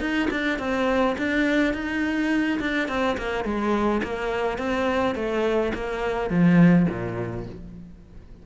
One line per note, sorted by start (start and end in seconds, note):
0.00 0.29 D#4
0.31 0.59 D4
0.59 1.16 C4
1.18 1.74 D4
1.74 2.59 D#4
2.60 2.88 D4
2.88 3.17 C4
3.17 3.44 A#3
3.44 4.02 G#3
4.03 4.58 A#3
4.58 5.15 C4
5.15 5.72 A3
5.74 6.30 A#3
6.30 6.87 F3
6.89 7.46 A#2